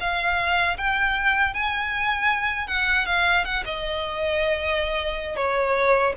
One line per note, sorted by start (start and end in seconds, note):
0.00 0.77 F5
0.77 1.53 G5
1.53 2.67 G#5
2.67 3.06 F#5
3.06 3.44 F5
3.44 3.64 F#5
3.65 5.36 D#5
5.36 6.13 C#5